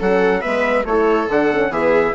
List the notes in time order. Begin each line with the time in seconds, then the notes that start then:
0.00 F#3 C#4 A4 F#5
0.41 G#3 B3 B4 E5
0.85 A3 E4 A4 C#5
1.27 D3 D4 F#5
1.52 C#4
1.70 E3 B3 G#4 E5